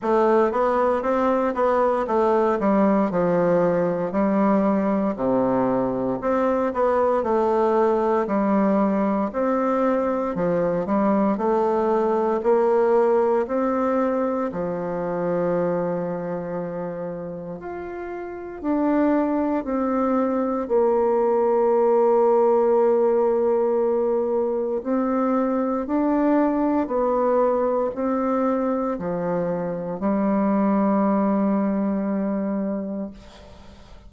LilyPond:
\new Staff \with { instrumentName = "bassoon" } { \time 4/4 \tempo 4 = 58 a8 b8 c'8 b8 a8 g8 f4 | g4 c4 c'8 b8 a4 | g4 c'4 f8 g8 a4 | ais4 c'4 f2~ |
f4 f'4 d'4 c'4 | ais1 | c'4 d'4 b4 c'4 | f4 g2. | }